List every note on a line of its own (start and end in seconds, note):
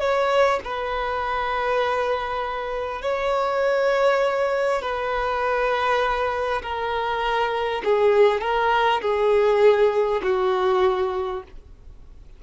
0.00 0.60 C#5
0.64 3.02 B4
3.02 4.82 C#5
4.82 6.62 B4
6.63 7.83 A#4
7.84 8.42 G#4
8.42 9.02 A#4
9.02 10.22 G#4
10.23 11.43 F#4